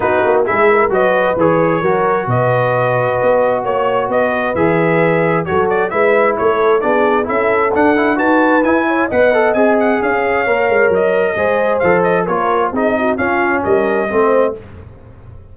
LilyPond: <<
  \new Staff \with { instrumentName = "trumpet" } { \time 4/4 \tempo 4 = 132 b'4 e''4 dis''4 cis''4~ | cis''4 dis''2. | cis''4 dis''4 e''2 | cis''8 d''8 e''4 cis''4 d''4 |
e''4 fis''4 a''4 gis''4 | fis''4 gis''8 fis''8 f''2 | dis''2 f''8 dis''8 cis''4 | dis''4 f''4 dis''2 | }
  \new Staff \with { instrumentName = "horn" } { \time 4/4 fis'4 gis'8 ais'8 b'2 | ais'4 b'2. | cis''4 b'2. | a'4 b'4 a'4 gis'4 |
a'2 b'4. cis''8 | dis''2 cis''2~ | cis''4 c''2 ais'4 | gis'8 fis'8 f'4 ais'4 c''4 | }
  \new Staff \with { instrumentName = "trombone" } { \time 4/4 dis'4 e'4 fis'4 gis'4 | fis'1~ | fis'2 gis'2 | fis'4 e'2 d'4 |
e'4 d'8 e'8 fis'4 e'4 | b'8 a'8 gis'2 ais'4~ | ais'4 gis'4 a'4 f'4 | dis'4 cis'2 c'4 | }
  \new Staff \with { instrumentName = "tuba" } { \time 4/4 b8 ais8 gis4 fis4 e4 | fis4 b,2 b4 | ais4 b4 e2 | fis4 gis4 a4 b4 |
cis'4 d'4 dis'4 e'4 | b4 c'4 cis'4 ais8 gis8 | fis4 gis4 f4 ais4 | c'4 cis'4 g4 a4 | }
>>